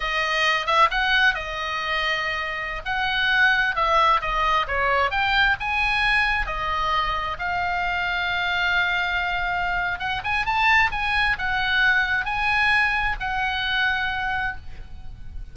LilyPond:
\new Staff \with { instrumentName = "oboe" } { \time 4/4 \tempo 4 = 132 dis''4. e''8 fis''4 dis''4~ | dis''2~ dis''16 fis''4.~ fis''16~ | fis''16 e''4 dis''4 cis''4 g''8.~ | g''16 gis''2 dis''4.~ dis''16~ |
dis''16 f''2.~ f''8.~ | f''2 fis''8 gis''8 a''4 | gis''4 fis''2 gis''4~ | gis''4 fis''2. | }